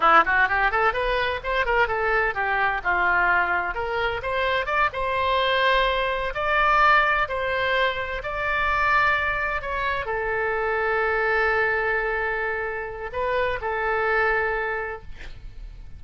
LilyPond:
\new Staff \with { instrumentName = "oboe" } { \time 4/4 \tempo 4 = 128 e'8 fis'8 g'8 a'8 b'4 c''8 ais'8 | a'4 g'4 f'2 | ais'4 c''4 d''8 c''4.~ | c''4. d''2 c''8~ |
c''4. d''2~ d''8~ | d''8 cis''4 a'2~ a'8~ | a'1 | b'4 a'2. | }